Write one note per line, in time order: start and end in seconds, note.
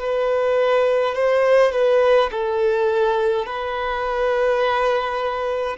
0.00 1.15 B4
1.15 1.73 C5
1.73 2.30 B4
2.31 3.46 A4
3.46 5.77 B4